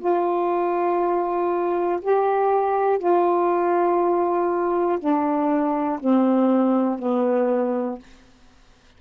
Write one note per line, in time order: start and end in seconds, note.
0.00 2.00 F4
2.02 2.99 G4
2.99 4.99 F4
5.00 6.00 D4
6.00 6.99 C4
6.99 7.99 B3